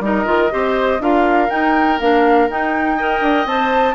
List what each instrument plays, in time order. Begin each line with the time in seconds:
0.00 bassoon G3, clarinet D#4, oboe A#4, flute D#5
0.25 bassoon D#3, clarinet F4
0.51 bassoon C4, clarinet G4, oboe C5
1.00 bassoon D4, clarinet F4, oboe A#4, flute F5
1.48 clarinet D#4, bassoon D#4, flute G5
2.00 bassoon A#3, clarinet D4, flute F5
2.49 bassoon D#4, clarinet D#4, flute G5
2.97 clarinet A#4, oboe D#5
3.21 bassoon D4
3.45 bassoon C4, clarinet C5, flute A5